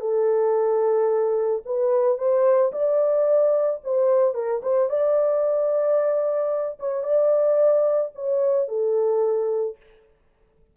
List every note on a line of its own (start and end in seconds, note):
0.00 1.62 A4
1.65 2.17 B4
2.17 2.71 C5
2.72 3.80 D5
3.83 4.34 C5
4.34 4.61 A#4
4.62 4.89 C5
4.89 6.78 D5
6.79 7.03 C#5
7.03 8.11 D5
8.14 8.68 C#5
8.68 9.76 A4